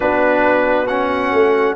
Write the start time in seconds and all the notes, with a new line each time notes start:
0.00 B3 D4 F#4 B4
0.87 C#4 F#5
1.31 A3